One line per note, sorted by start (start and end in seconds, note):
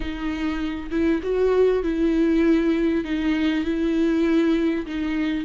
0.00 0.90 D#4
0.90 1.21 E4
1.23 1.83 F#4
1.83 3.04 E4
3.04 3.64 D#4
3.64 4.85 E4
4.86 5.44 D#4